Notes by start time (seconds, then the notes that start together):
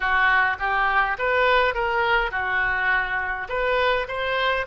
0.00 F#4
0.59 G4
1.18 B4
1.74 A#4
2.31 F#4
3.48 B4
4.08 C5